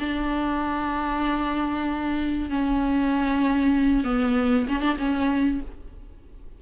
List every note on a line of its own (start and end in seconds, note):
0.00 2.50 D4
2.50 4.04 C#4
4.04 4.67 B3
4.68 4.81 C#4
4.81 4.97 D4
4.98 5.61 C#4